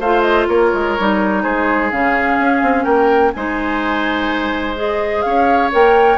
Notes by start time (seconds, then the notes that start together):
0.00 A3 F4 C5 F5
0.22 D#5
0.48 A#3 A#4 C#5
0.74 G#3
0.99 G3 D#4
1.43 G#3 G#4 C5
1.91 C#3 C#4 F5
2.39 C#4
2.62 C4
2.84 A#3 A#4 G5
3.33 G#3 D#4 C5 G#5
4.75 G#4 D#5
5.22 C#4 C#5 F5
5.71 A#3 A#4 G5